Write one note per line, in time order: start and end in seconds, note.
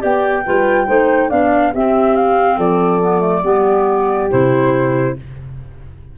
0.00 0.47 B3
0.00 0.43 G4
0.00 0.45 D5
0.00 1.31 G5
0.46 0.89 G3
0.46 0.88 F4
0.46 0.87 B4
0.87 1.31 A3
0.87 1.30 D#4
0.87 1.30 C5
1.30 1.74 B3
1.30 1.73 D4
1.30 1.73 D5
1.30 1.73 F5
1.74 2.58 C4
1.74 3.03 C4
1.74 2.57 G4
1.74 2.16 E5
2.16 2.59 F5
2.57 3.43 F3
2.57 3.43 A4
2.57 4.31 D5
3.03 3.21 B3
3.21 3.42 A3
3.43 4.29 G3
3.43 4.30 B3
3.43 5.16 G4
4.31 5.19 C3
4.31 5.17 E4
4.31 5.17 C5